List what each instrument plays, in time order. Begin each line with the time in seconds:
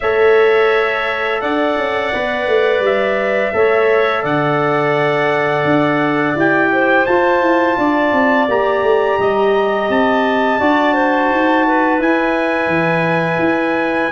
0.00 tuba A3, trombone A4, clarinet C#5, trumpet E5
1.41 tuba D4, clarinet D5, trumpet F#5
1.77 tuba C#4
2.13 tuba B3, trombone B4
2.47 tuba A3
2.80 tuba G3, trumpet E5
3.53 tuba A3, trombone A4, clarinet C#5
4.22 tuba D3, clarinet D5, trumpet F#5
5.64 tuba D4
6.35 tuba E4, trombone G4, trumpet G5
6.72 clarinet C5
7.05 tuba F4, trombone F4, trumpet A5
7.41 tuba E4
7.77 tuba D4, clarinet D5
8.12 tuba C4
8.48 tuba A#3, trombone G4, trumpet A#5
8.82 tuba A3
9.19 tuba G3, clarinet D#5
9.89 tuba C4, trumpet A5
10.59 tuba D4, trombone F#4, clarinet D5
10.94 clarinet C5
11.30 tuba D#4
11.67 clarinet B4
11.99 trombone E4, tuba E4, trumpet G#5
12.67 tuba E3
13.38 tuba E4